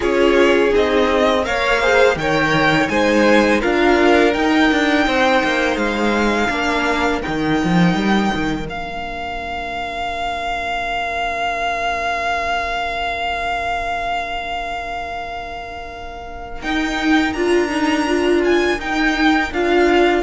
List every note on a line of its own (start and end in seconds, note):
0.00 0.73 C#4
0.00 0.70 F4
0.00 1.44 G#4
0.00 0.73 C#5
0.70 1.46 C4
0.70 1.42 D#4
0.70 1.45 D#5
1.43 2.15 A#3
1.43 1.79 A#4
1.43 1.80 C#5
1.43 2.17 F5
1.80 2.18 G#4
1.80 2.16 C5
2.15 2.87 D#3
2.15 2.89 A#4
2.15 2.91 C#5
2.15 2.88 G5
2.88 3.61 G#3
2.88 3.61 D#4
2.88 3.60 C5
2.88 3.60 G#5
3.60 4.35 D4
3.60 4.33 F4
3.60 5.05 A#4
3.60 4.33 F5
4.33 6.50 D#4
4.33 4.71 D#4
4.33 5.77 G5
4.71 5.06 D4
5.06 5.43 C4
5.06 6.49 C5
5.43 5.76 A#3
5.76 6.48 G#3
5.76 7.21 F5
6.49 7.21 A#3
6.49 7.22 D4
6.49 20.22 A#4
7.22 7.63 D#3
7.22 8.66 D#4
7.22 8.66 G5
7.64 7.94 F3
7.94 8.30 G3
8.34 8.69 D#3
8.66 16.63 A#3
8.66 16.61 D4
8.66 16.61 F5
16.61 17.35 D#4
16.61 17.34 D#4
16.61 17.33 G5
17.33 18.78 D4
17.33 17.68 F4
17.33 18.41 A#5
17.68 18.04 D#4
18.06 18.79 F4
18.44 18.80 G#5
18.78 19.50 D#4
18.78 19.52 D#4
18.78 19.52 G5
19.51 20.23 D4
19.51 20.23 F4
19.51 20.23 F5